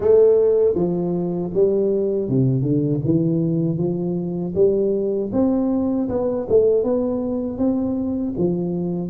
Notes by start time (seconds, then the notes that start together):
0.00 A3
0.75 F3
1.53 G3
2.28 C3
2.62 D3
3.04 E3
3.77 F3
4.55 G3
5.32 C4
6.08 B3
6.49 A3
6.84 B3
7.58 C4
8.37 F3